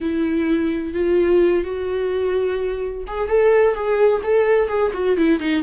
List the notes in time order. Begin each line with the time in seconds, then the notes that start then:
0.00 E4
0.93 F4
1.63 F#4
3.07 G#4
3.28 A4
3.74 G#4
4.23 A4
4.68 G#4
4.93 F#4
5.16 E4
5.39 D#4